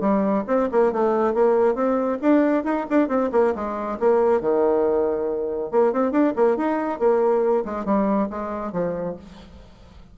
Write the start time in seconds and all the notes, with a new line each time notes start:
0.00 G3
0.47 C4
0.72 A#3
0.92 A3
1.34 A#3
1.74 C4
2.21 D4
2.64 D#4
2.90 D4
3.08 C4
3.32 A#3
3.55 G#3
3.99 A#3
4.41 D#3
5.71 A#3
5.92 C4
6.11 D4
6.36 A#3
6.57 D#4
6.99 A#3
7.65 G#3
7.85 G3
8.30 G#3
8.72 F3